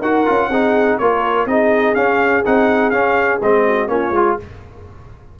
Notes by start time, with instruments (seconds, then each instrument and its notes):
0.00 tuba D#4, trombone F#4, horn A#4, trumpet F#5
0.26 tuba C#4, trombone F4
0.49 tuba C4, trombone D#4, horn G#4
0.98 tuba A#3, trombone F4, horn A#4, trumpet C#5
1.46 tuba C4, trombone D#4, horn G#4, trumpet D#5
1.95 tuba C#4, trombone C#4, trumpet F5
2.45 tuba C4, trombone D#4, trumpet F#5
2.90 tuba C#4, trombone C#4, trumpet F5
3.42 tuba G#3, trombone C4, trumpet D#5
3.66 horn F#4
3.88 tuba A#3, trombone C#4, horn F4, trumpet C#5
4.11 tuba G#3, trombone F4